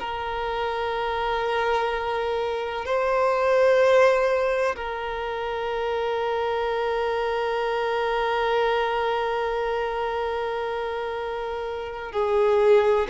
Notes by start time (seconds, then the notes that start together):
0.00 A#4
2.85 C5
4.76 A#4
12.12 G#4